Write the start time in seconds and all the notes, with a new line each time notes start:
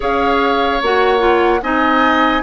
0.00 C#4 G#4 C#5 F5
0.82 A#3 F#4 F#5
1.18 F4
1.62 C4 D#4 D#5 G#5